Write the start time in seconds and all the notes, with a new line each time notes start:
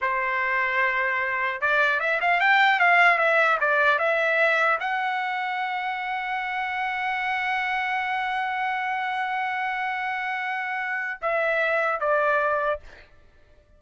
0.01 C5
1.61 D5
1.99 E5
2.21 F5
2.40 G5
2.79 F5
3.17 E5
3.60 D5
3.98 E5
4.79 F#5
11.21 E5
12.00 D5